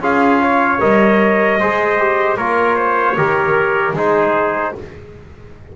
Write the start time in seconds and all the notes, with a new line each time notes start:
0.00 C#4 F4 G#4 F5
0.41 C#5
0.79 G3 A#4 D#5
1.59 G#3 G#4 C5
1.98 G4
2.36 A#3 F4 A#4 C#5
2.76 C5
3.16 D#3 G4 A#4
3.93 G#3 D#4 G#4 C5